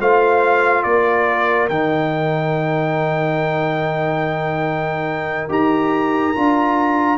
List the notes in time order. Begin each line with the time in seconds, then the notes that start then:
0.00 A3 F4 C5 F5
0.83 A#3 A#4 D5
1.69 D#3 D#4 G5
5.49 D#4 G4 A#5
6.34 D4 F4